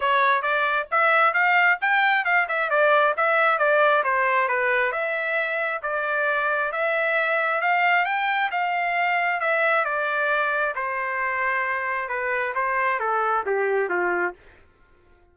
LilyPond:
\new Staff \with { instrumentName = "trumpet" } { \time 4/4 \tempo 4 = 134 cis''4 d''4 e''4 f''4 | g''4 f''8 e''8 d''4 e''4 | d''4 c''4 b'4 e''4~ | e''4 d''2 e''4~ |
e''4 f''4 g''4 f''4~ | f''4 e''4 d''2 | c''2. b'4 | c''4 a'4 g'4 f'4 | }